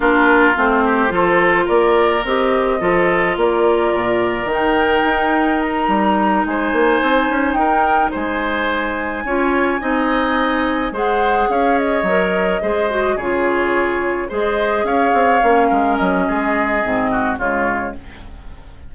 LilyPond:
<<
  \new Staff \with { instrumentName = "flute" } { \time 4/4 \tempo 4 = 107 ais'4 c''2 d''4 | dis''2 d''2 | g''2 ais''4. gis''8~ | gis''4. g''4 gis''4.~ |
gis''2.~ gis''8 fis''8~ | fis''8 f''8 dis''2~ dis''8 cis''8~ | cis''4. dis''4 f''4.~ | f''8 dis''2~ dis''8 cis''4 | }
  \new Staff \with { instrumentName = "oboe" } { \time 4/4 f'4. g'8 a'4 ais'4~ | ais'4 a'4 ais'2~ | ais'2.~ ais'8 c''8~ | c''4. ais'4 c''4.~ |
c''8 cis''4 dis''2 c''8~ | c''8 cis''2 c''4 gis'8~ | gis'4. c''4 cis''4. | ais'4 gis'4. fis'8 f'4 | }
  \new Staff \with { instrumentName = "clarinet" } { \time 4/4 d'4 c'4 f'2 | g'4 f'2. | dis'1~ | dis'1~ |
dis'8 f'4 dis'2 gis'8~ | gis'4. ais'4 gis'8 fis'8 f'8~ | f'4. gis'2 cis'8~ | cis'2 c'4 gis4 | }
  \new Staff \with { instrumentName = "bassoon" } { \time 4/4 ais4 a4 f4 ais4 | c'4 f4 ais4 ais,4 | dis4 dis'4. g4 gis8 | ais8 c'8 cis'8 dis'4 gis4.~ |
gis8 cis'4 c'2 gis8~ | gis8 cis'4 fis4 gis4 cis8~ | cis4. gis4 cis'8 c'8 ais8 | gis8 fis8 gis4 gis,4 cis4 | }
>>